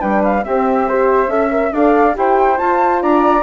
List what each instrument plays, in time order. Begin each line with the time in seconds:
0.00 bassoon G3, horn D4, flute B4 G5
0.24 flute F5
0.43 horn C4, bassoon C4, flute G4 E5
0.88 horn G4, flute C5
1.28 bassoon C#4, horn A4, flute E5
1.50 horn A#4
1.72 bassoon D4, horn A4, flute D5 F5
2.14 bassoon E4, horn G4, flute C5 G5
2.57 horn F4, bassoon F4, flute A5
3.02 bassoon D4, flute D5 A#5